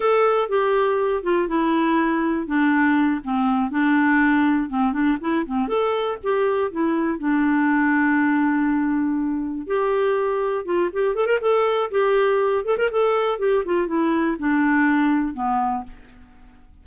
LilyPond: \new Staff \with { instrumentName = "clarinet" } { \time 4/4 \tempo 4 = 121 a'4 g'4. f'8 e'4~ | e'4 d'4. c'4 d'8~ | d'4. c'8 d'8 e'8 c'8 a'8~ | a'8 g'4 e'4 d'4.~ |
d'2.~ d'8 g'8~ | g'4. f'8 g'8 a'16 ais'16 a'4 | g'4. a'16 ais'16 a'4 g'8 f'8 | e'4 d'2 b4 | }